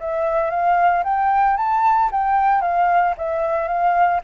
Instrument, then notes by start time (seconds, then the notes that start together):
flute
0.00 E5
0.50 F5
1.04 G5
1.57 A5
2.11 G5
2.61 F5
3.17 E5
3.68 F5